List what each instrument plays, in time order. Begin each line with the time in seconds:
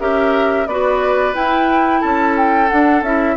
0.00 bassoon C#4, clarinet G4, oboe A#4, flute E5
0.67 bassoon B3, clarinet F#4, oboe B4, flute D5
1.34 clarinet E4, bassoon E4, flute G5
2.01 bassoon C#4, oboe A4, flute A5
2.37 flute G5
2.70 clarinet D4, bassoon D4, flute F#5
3.03 bassoon C#4, clarinet E4, flute E5